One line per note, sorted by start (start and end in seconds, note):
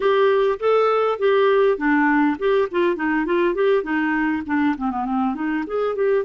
0.00 0.58 G4
0.59 1.19 A4
1.19 1.77 G4
1.77 2.37 D4
2.38 2.68 G4
2.71 2.96 F4
2.96 3.25 D#4
3.25 3.54 F4
3.54 3.83 G4
3.83 4.42 D#4
4.46 4.75 D4
4.77 4.90 C4
4.90 5.05 B3
5.05 5.34 C4
5.34 5.64 D#4
5.66 5.95 G#4
5.95 6.24 G4